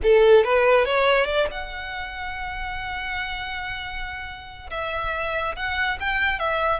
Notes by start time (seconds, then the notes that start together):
0.03 A4
0.44 B4
0.85 C#5
1.25 D5
1.51 F#5
4.70 E5
5.56 F#5
5.99 G5
6.39 E5